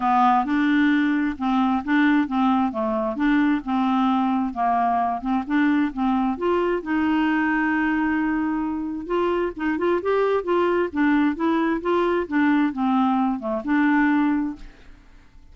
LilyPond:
\new Staff \with { instrumentName = "clarinet" } { \time 4/4 \tempo 4 = 132 b4 d'2 c'4 | d'4 c'4 a4 d'4 | c'2 ais4. c'8 | d'4 c'4 f'4 dis'4~ |
dis'1 | f'4 dis'8 f'8 g'4 f'4 | d'4 e'4 f'4 d'4 | c'4. a8 d'2 | }